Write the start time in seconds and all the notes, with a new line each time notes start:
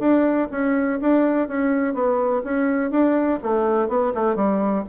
0.00 D4
0.52 C#4
1.02 D4
1.48 C#4
1.94 B3
2.45 C#4
2.91 D4
3.43 A3
3.89 B3
4.15 A3
4.36 G3